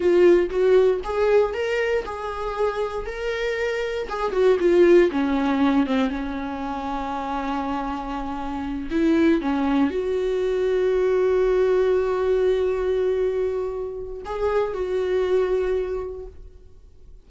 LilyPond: \new Staff \with { instrumentName = "viola" } { \time 4/4 \tempo 4 = 118 f'4 fis'4 gis'4 ais'4 | gis'2 ais'2 | gis'8 fis'8 f'4 cis'4. c'8 | cis'1~ |
cis'4. e'4 cis'4 fis'8~ | fis'1~ | fis'1 | gis'4 fis'2. | }